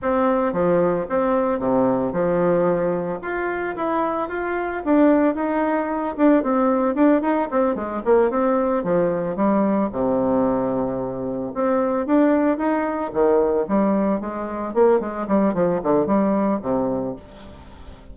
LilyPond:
\new Staff \with { instrumentName = "bassoon" } { \time 4/4 \tempo 4 = 112 c'4 f4 c'4 c4 | f2 f'4 e'4 | f'4 d'4 dis'4. d'8 | c'4 d'8 dis'8 c'8 gis8 ais8 c'8~ |
c'8 f4 g4 c4.~ | c4. c'4 d'4 dis'8~ | dis'8 dis4 g4 gis4 ais8 | gis8 g8 f8 d8 g4 c4 | }